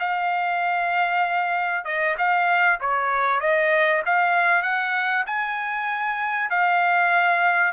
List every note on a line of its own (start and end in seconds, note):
0.00 1.85 F5
1.85 2.16 D#5
2.18 2.80 F5
2.81 3.41 C#5
3.41 4.03 D#5
4.06 4.63 F5
4.63 5.25 F#5
5.27 6.50 G#5
6.50 7.73 F5